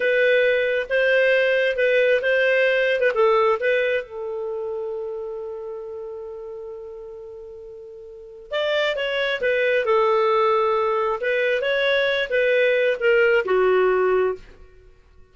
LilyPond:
\new Staff \with { instrumentName = "clarinet" } { \time 4/4 \tempo 4 = 134 b'2 c''2 | b'4 c''4.~ c''16 b'16 a'4 | b'4 a'2.~ | a'1~ |
a'2. d''4 | cis''4 b'4 a'2~ | a'4 b'4 cis''4. b'8~ | b'4 ais'4 fis'2 | }